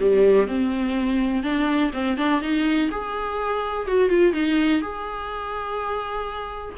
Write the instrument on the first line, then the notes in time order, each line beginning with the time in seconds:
viola
0.00 G3
0.48 C4
1.43 D4
1.93 C4
2.18 D4
2.42 D#4
2.91 G#4
3.88 F#4
4.09 F4
4.33 D#4
4.82 G#4